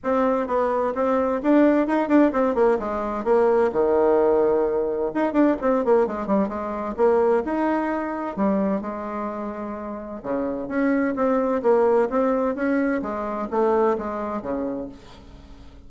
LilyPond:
\new Staff \with { instrumentName = "bassoon" } { \time 4/4 \tempo 4 = 129 c'4 b4 c'4 d'4 | dis'8 d'8 c'8 ais8 gis4 ais4 | dis2. dis'8 d'8 | c'8 ais8 gis8 g8 gis4 ais4 |
dis'2 g4 gis4~ | gis2 cis4 cis'4 | c'4 ais4 c'4 cis'4 | gis4 a4 gis4 cis4 | }